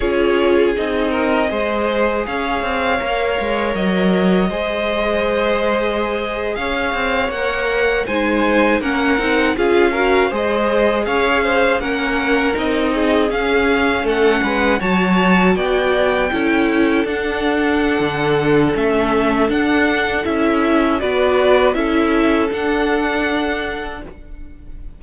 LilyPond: <<
  \new Staff \with { instrumentName = "violin" } { \time 4/4 \tempo 4 = 80 cis''4 dis''2 f''4~ | f''4 dis''2.~ | dis''8. f''4 fis''4 gis''4 fis''16~ | fis''8. f''4 dis''4 f''4 fis''16~ |
fis''8. dis''4 f''4 fis''4 a''16~ | a''8. g''2 fis''4~ fis''16~ | fis''4 e''4 fis''4 e''4 | d''4 e''4 fis''2 | }
  \new Staff \with { instrumentName = "violin" } { \time 4/4 gis'4. ais'8 c''4 cis''4~ | cis''2 c''2~ | c''8. cis''2 c''4 ais'16~ | ais'8. gis'8 ais'8 c''4 cis''8 c''8 ais'16~ |
ais'4~ ais'16 gis'4. a'8 b'8 cis''16~ | cis''8. d''4 a'2~ a'16~ | a'1 | b'4 a'2. | }
  \new Staff \with { instrumentName = "viola" } { \time 4/4 f'4 dis'4 gis'2 | ais'2 gis'2~ | gis'4.~ gis'16 ais'4 dis'4 cis'16~ | cis'16 dis'8 f'8 fis'8 gis'2 cis'16~ |
cis'8. dis'4 cis'2 fis'16~ | fis'4.~ fis'16 e'4 d'4~ d'16~ | d'4 cis'4 d'4 e'4 | fis'4 e'4 d'2 | }
  \new Staff \with { instrumentName = "cello" } { \time 4/4 cis'4 c'4 gis4 cis'8 c'8 | ais8 gis8 fis4 gis2~ | gis8. cis'8 c'8 ais4 gis4 ais16~ | ais16 c'8 cis'4 gis4 cis'4 ais16~ |
ais8. c'4 cis'4 a8 gis8 fis16~ | fis8. b4 cis'4 d'4~ d'16 | d4 a4 d'4 cis'4 | b4 cis'4 d'2 | }
>>